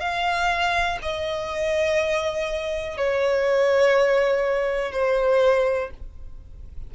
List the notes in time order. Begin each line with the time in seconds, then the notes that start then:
0.00 F5
1.02 D#5
2.97 C#5
4.92 C5